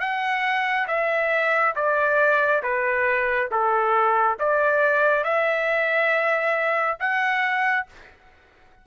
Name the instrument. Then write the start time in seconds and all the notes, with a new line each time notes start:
trumpet
0.00 F#5
0.88 E5
1.75 D5
2.63 B4
3.51 A4
4.40 D5
5.24 E5
7.00 F#5